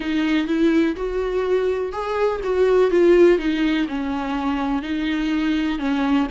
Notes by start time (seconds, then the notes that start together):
0.00 D#4
0.47 E4
0.95 F#4
1.92 G#4
2.43 F#4
2.90 F4
3.38 D#4
3.88 C#4
4.82 D#4
5.78 C#4